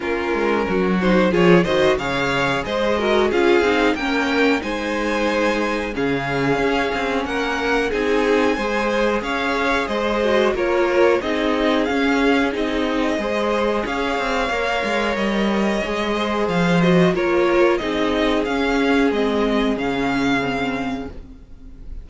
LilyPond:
<<
  \new Staff \with { instrumentName = "violin" } { \time 4/4 \tempo 4 = 91 ais'4. c''8 cis''8 dis''8 f''4 | dis''4 f''4 g''4 gis''4~ | gis''4 f''2 fis''4 | gis''2 f''4 dis''4 |
cis''4 dis''4 f''4 dis''4~ | dis''4 f''2 dis''4~ | dis''4 f''8 dis''8 cis''4 dis''4 | f''4 dis''4 f''2 | }
  \new Staff \with { instrumentName = "violin" } { \time 4/4 f'4 fis'4 gis'8 c''8 cis''4 | c''8 ais'8 gis'4 ais'4 c''4~ | c''4 gis'2 ais'4 | gis'4 c''4 cis''4 c''4 |
ais'4 gis'2. | c''4 cis''2.~ | cis''8 c''4. ais'4 gis'4~ | gis'1 | }
  \new Staff \with { instrumentName = "viola" } { \time 4/4 cis'4. dis'8 f'8 fis'8 gis'4~ | gis'8 fis'8 f'8 dis'8 cis'4 dis'4~ | dis'4 cis'2. | dis'4 gis'2~ gis'8 fis'8 |
f'4 dis'4 cis'4 dis'4 | gis'2 ais'2 | gis'4. fis'8 f'4 dis'4 | cis'4 c'4 cis'4 c'4 | }
  \new Staff \with { instrumentName = "cello" } { \time 4/4 ais8 gis8 fis4 f8 dis8 cis4 | gis4 cis'8 c'8 ais4 gis4~ | gis4 cis4 cis'8 c'8 ais4 | c'4 gis4 cis'4 gis4 |
ais4 c'4 cis'4 c'4 | gis4 cis'8 c'8 ais8 gis8 g4 | gis4 f4 ais4 c'4 | cis'4 gis4 cis2 | }
>>